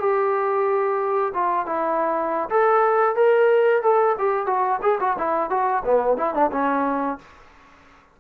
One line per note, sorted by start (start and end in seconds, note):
0.00 1.33 G4
1.35 1.67 F4
1.67 2.50 E4
2.50 3.16 A4
3.16 3.83 A#4
3.83 4.16 A4
4.19 4.47 G4
4.47 4.80 F#4
4.83 4.99 G#4
5.01 5.17 F#4
5.18 5.50 E4
5.50 5.84 F#4
5.85 6.18 B3
6.18 6.34 E4
6.34 6.51 D4
6.52 7.19 C#4